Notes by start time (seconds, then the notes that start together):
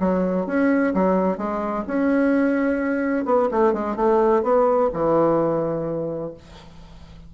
0.00 F#3
0.47 C#4
0.94 F#3
1.38 G#3
1.88 C#4
3.26 B3
3.52 A3
3.74 G#3
3.97 A3
4.43 B3
4.94 E3